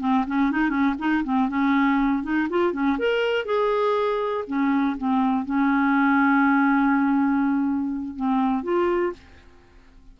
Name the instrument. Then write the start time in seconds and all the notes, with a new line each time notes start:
clarinet
0.00 C4
0.27 C#4
0.51 D#4
0.70 C#4
0.99 D#4
1.24 C4
1.49 C#4
2.23 D#4
2.50 F4
2.73 C#4
2.99 A#4
3.45 G#4
4.47 C#4
4.97 C4
5.45 C#4
8.16 C4
8.63 F4